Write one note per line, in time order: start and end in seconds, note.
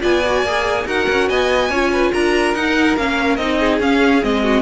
0.00 0.43 B3
0.00 0.21 F4
0.00 0.84 D5
0.00 0.87 G#5
0.26 0.46 F#4
0.43 0.85 A#3
0.43 0.86 G#4
0.86 1.07 D#4
0.86 1.70 F#4
0.86 1.29 A#4
0.86 1.29 F#5
1.09 1.29 C#4
1.29 1.69 B3
1.29 1.70 D#5
1.29 2.13 G#5
1.69 2.11 C#4
1.69 2.56 F4
1.69 1.91 C#5
1.92 2.12 B4
2.12 2.54 D4
2.12 3.58 A#4
2.12 2.54 A#5
2.54 2.96 D#4
2.54 2.96 F#5
2.96 3.38 A#3
2.96 3.38 C#4
2.96 3.36 F5
3.36 3.80 C4
3.36 3.81 D#4
3.36 3.78 D#5
3.58 4.42 G#4
3.80 4.22 C#4
3.80 4.23 F5
4.22 4.62 G#3
4.22 4.62 C4
4.22 4.62 D#5
4.42 4.62 F#4